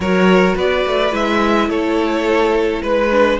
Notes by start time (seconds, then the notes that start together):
0.00 F#3 F#4 A#4 C#5
0.55 B3 B4 D5
0.85 A3
1.11 G#3 E4 E5
1.68 A3 A4 C#5
2.82 G#3 B4
3.10 D4